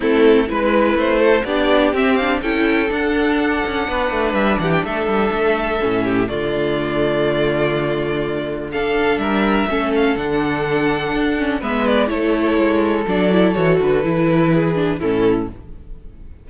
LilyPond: <<
  \new Staff \with { instrumentName = "violin" } { \time 4/4 \tempo 4 = 124 a'4 b'4 c''4 d''4 | e''8 f''8 g''4 fis''2~ | fis''4 e''8 fis''16 g''16 e''2~ | e''4 d''2.~ |
d''2 f''4 e''4~ | e''8 f''8 fis''2. | e''8 d''8 cis''2 d''4 | cis''8 b'2~ b'8 a'4 | }
  \new Staff \with { instrumentName = "violin" } { \time 4/4 e'4 b'4. a'8 g'4~ | g'4 a'2. | b'4. g'8 a'2~ | a'8 g'8 f'2.~ |
f'2 a'4 ais'4 | a'1 | b'4 a'2.~ | a'2 gis'4 e'4 | }
  \new Staff \with { instrumentName = "viola" } { \time 4/4 c'4 e'2 d'4 | c'8 d'8 e'4 d'2~ | d'1 | cis'4 a2.~ |
a2 d'2 | cis'4 d'2~ d'8 cis'8 | b4 e'2 d'8 e'8 | fis'4 e'4. d'8 cis'4 | }
  \new Staff \with { instrumentName = "cello" } { \time 4/4 a4 gis4 a4 b4 | c'4 cis'4 d'4. cis'8 | b8 a8 g8 e8 a8 g8 a4 | a,4 d2.~ |
d2. g4 | a4 d2 d'4 | gis4 a4 gis4 fis4 | e8 d8 e2 a,4 | }
>>